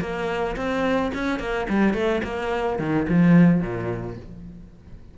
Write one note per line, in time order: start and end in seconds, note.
0.00 0.56 A#3
0.56 1.11 C4
1.14 1.39 C#4
1.39 1.67 A#3
1.69 1.94 G3
1.94 2.21 A3
2.23 2.79 A#3
2.79 3.06 D#3
3.08 3.61 F3
3.61 4.16 A#2